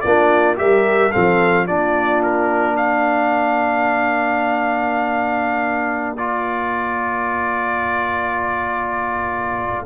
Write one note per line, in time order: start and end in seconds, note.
0.00 0.58 A#3
0.00 0.56 D4
0.00 0.58 F4
0.00 0.55 D5
0.56 1.12 G3
0.56 1.10 G4
0.56 1.12 A#4
0.56 1.11 E5
1.11 1.69 F3
1.11 1.67 C4
1.11 1.66 A4
1.11 1.66 F5
1.67 9.86 A#3
1.67 6.17 D4
1.67 2.76 F4
1.67 2.21 D5
2.22 2.76 A#4
2.76 9.85 A#4
2.76 6.17 F5
6.17 9.86 F4
6.17 9.85 D5